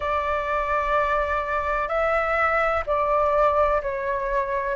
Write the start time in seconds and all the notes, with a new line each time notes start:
0.00 D5
1.88 E5
2.86 D5
3.82 C#5